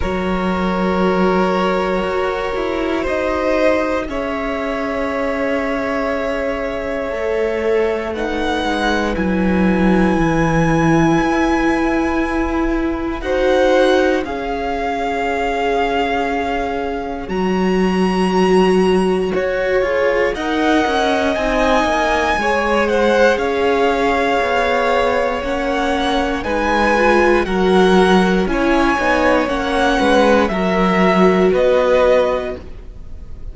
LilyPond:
<<
  \new Staff \with { instrumentName = "violin" } { \time 4/4 \tempo 4 = 59 cis''2. dis''4 | e''1 | fis''4 gis''2.~ | gis''4 fis''4 f''2~ |
f''4 ais''2 cis''4 | fis''4 gis''4. fis''8 f''4~ | f''4 fis''4 gis''4 fis''4 | gis''4 fis''4 e''4 dis''4 | }
  \new Staff \with { instrumentName = "violin" } { \time 4/4 ais'2. c''4 | cis''1 | b'1~ | b'4 c''4 cis''2~ |
cis''1 | dis''2 cis''8 c''8 cis''4~ | cis''2 b'4 ais'4 | cis''4. b'8 ais'4 b'4 | }
  \new Staff \with { instrumentName = "viola" } { \time 4/4 fis'1 | gis'2. a'4 | dis'4 e'2.~ | e'4 fis'4 gis'2~ |
gis'4 fis'2~ fis'8 gis'8 | ais'4 dis'4 gis'2~ | gis'4 cis'4 dis'8 f'8 fis'4 | e'8 dis'8 cis'4 fis'2 | }
  \new Staff \with { instrumentName = "cello" } { \time 4/4 fis2 fis'8 e'8 dis'4 | cis'2. a4~ | a8 gis8 fis4 e4 e'4~ | e'4 dis'4 cis'2~ |
cis'4 fis2 fis'8 f'8 | dis'8 cis'8 c'8 ais8 gis4 cis'4 | b4 ais4 gis4 fis4 | cis'8 b8 ais8 gis8 fis4 b4 | }
>>